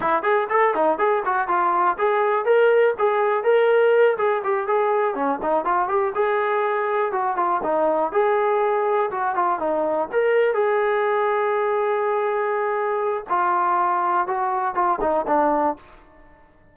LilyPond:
\new Staff \with { instrumentName = "trombone" } { \time 4/4 \tempo 4 = 122 e'8 gis'8 a'8 dis'8 gis'8 fis'8 f'4 | gis'4 ais'4 gis'4 ais'4~ | ais'8 gis'8 g'8 gis'4 cis'8 dis'8 f'8 | g'8 gis'2 fis'8 f'8 dis'8~ |
dis'8 gis'2 fis'8 f'8 dis'8~ | dis'8 ais'4 gis'2~ gis'8~ | gis'2. f'4~ | f'4 fis'4 f'8 dis'8 d'4 | }